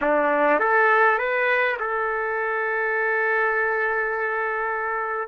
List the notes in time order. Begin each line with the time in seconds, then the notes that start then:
0.01 D4
0.59 A4
1.18 B4
1.79 A4